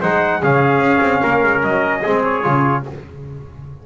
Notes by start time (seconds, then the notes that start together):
0.00 G#3 D#4 C5 F#5
0.42 C#3 C#4 G#4 F5
0.79 C#4
1.01 C4
1.22 A#3 A#4
1.43 G#3
1.63 F#3 D#5
2.02 G#3 C4 G#4
2.23 C#5
2.42 C#3 F4